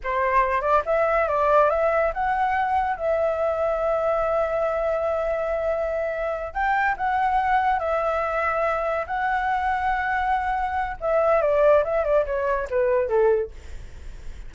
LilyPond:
\new Staff \with { instrumentName = "flute" } { \time 4/4 \tempo 4 = 142 c''4. d''8 e''4 d''4 | e''4 fis''2 e''4~ | e''1~ | e''2.~ e''8 g''8~ |
g''8 fis''2 e''4.~ | e''4. fis''2~ fis''8~ | fis''2 e''4 d''4 | e''8 d''8 cis''4 b'4 a'4 | }